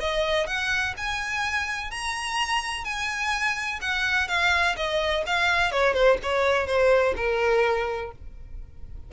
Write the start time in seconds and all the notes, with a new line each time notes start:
0.00 D#5
0.47 F#5
0.97 G#5
1.90 A#5
2.84 G#5
3.81 F#5
4.28 F5
4.76 D#5
5.26 F5
5.71 C#5
5.93 C5
6.23 C#5
6.67 C5
7.16 A#4